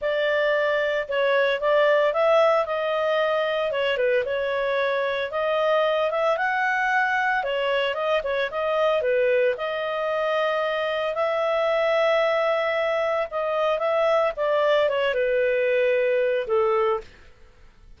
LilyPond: \new Staff \with { instrumentName = "clarinet" } { \time 4/4 \tempo 4 = 113 d''2 cis''4 d''4 | e''4 dis''2 cis''8 b'8 | cis''2 dis''4. e''8 | fis''2 cis''4 dis''8 cis''8 |
dis''4 b'4 dis''2~ | dis''4 e''2.~ | e''4 dis''4 e''4 d''4 | cis''8 b'2~ b'8 a'4 | }